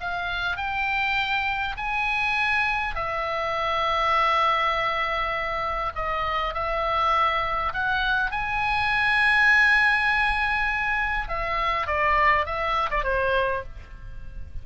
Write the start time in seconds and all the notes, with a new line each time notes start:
0.00 F5
0.56 G5
1.77 G#5
2.95 E5
5.95 D#5
6.54 E5
7.73 F#5
8.31 G#5
11.28 E5
11.86 D5
12.45 E5
12.90 D5
13.03 C5